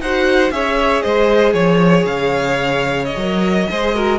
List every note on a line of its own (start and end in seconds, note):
0.00 0.51 D#4
0.00 0.51 F#4
0.00 0.53 C5
0.00 0.51 F#5
0.51 1.02 C#4
0.51 3.18 G#4
0.51 1.03 C#5
0.51 1.01 E5
1.01 1.53 G#3
1.01 1.53 C5
1.01 1.52 D#5
1.53 2.04 F3
1.53 3.69 C#5
1.53 2.05 C#5
2.04 3.15 C#3
2.04 3.05 F5
3.05 4.18 D#5
3.15 3.66 F#3
3.15 3.69 A#4
3.69 4.18 G#3
3.69 3.94 G#4
3.69 3.95 C5
3.94 4.18 F#4
3.94 4.18 A#4